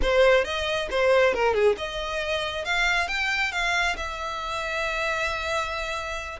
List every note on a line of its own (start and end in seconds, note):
0.01 0.44 C5
0.44 0.88 D#5
0.90 1.34 C5
1.34 1.53 A#4
1.53 1.75 G#4
1.77 2.65 D#5
2.65 3.07 F5
3.07 3.52 G5
3.52 3.96 F5
3.96 6.39 E5